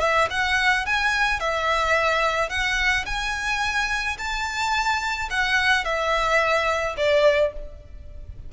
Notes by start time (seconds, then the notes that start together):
0.00 E5
0.30 F#5
0.85 G#5
1.39 E5
2.49 F#5
3.05 G#5
4.18 A5
5.30 F#5
5.84 E5
6.97 D5